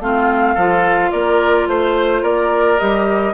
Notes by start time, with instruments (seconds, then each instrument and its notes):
0.00 bassoon A3, clarinet C4, oboe F4, flute F5
0.55 bassoon F3, clarinet F4, oboe A4
1.12 bassoon A#3, oboe A#4, flute D5
1.68 bassoon A3, flute C5, oboe C5
2.23 bassoon A#3, oboe A#4, flute D5
2.79 bassoon G3, clarinet G4, flute D#5